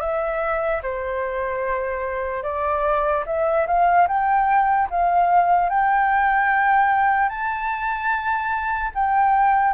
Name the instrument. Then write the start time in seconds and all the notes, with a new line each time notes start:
flute
0.00 E5
0.83 C5
2.43 D5
3.26 E5
3.67 F5
4.08 G5
4.90 F5
5.69 G5
7.29 A5
8.94 G5